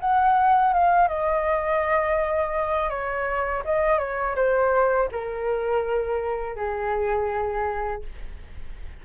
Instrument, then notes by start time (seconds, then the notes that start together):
flute
0.00 F#5
0.73 F5
1.08 D#5
2.90 C#5
3.65 D#5
3.98 C#5
4.36 C5
5.12 A#4
6.56 G#4